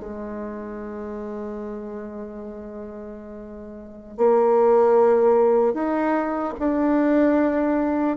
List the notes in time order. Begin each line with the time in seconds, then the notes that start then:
0.00 G#3
4.18 A#3
5.74 D#4
6.59 D4